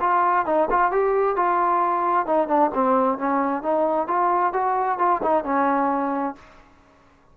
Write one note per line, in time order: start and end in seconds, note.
0.00 0.45 F4
0.46 0.68 D#4
0.70 0.91 F4
0.91 1.36 G4
1.36 2.26 F4
2.26 2.48 D#4
2.48 2.70 D4
2.74 3.18 C4
3.18 3.62 C#4
3.62 4.07 D#4
4.07 4.52 F4
4.53 4.98 F#4
4.98 5.21 F4
5.22 5.44 D#4
5.44 6.35 C#4